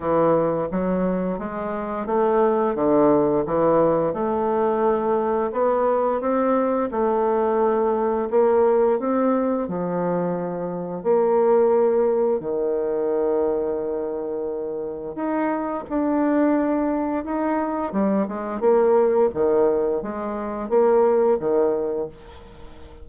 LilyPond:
\new Staff \with { instrumentName = "bassoon" } { \time 4/4 \tempo 4 = 87 e4 fis4 gis4 a4 | d4 e4 a2 | b4 c'4 a2 | ais4 c'4 f2 |
ais2 dis2~ | dis2 dis'4 d'4~ | d'4 dis'4 g8 gis8 ais4 | dis4 gis4 ais4 dis4 | }